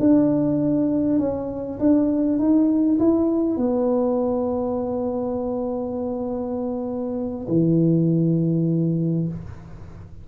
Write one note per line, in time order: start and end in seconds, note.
0.00 1.19 D4
1.19 1.79 C#4
1.79 2.39 D4
2.39 2.99 D#4
2.99 3.57 E4
3.57 7.47 B3
7.48 9.28 E3